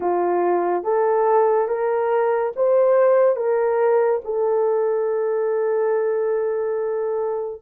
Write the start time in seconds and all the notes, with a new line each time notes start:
0.00 F4
0.83 A4
1.67 A#4
2.56 C5
3.36 A#4
4.24 A4